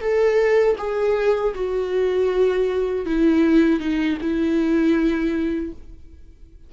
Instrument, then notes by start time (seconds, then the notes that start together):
viola
0.00 A4
0.78 G#4
1.54 F#4
3.06 E4
3.80 D#4
4.21 E4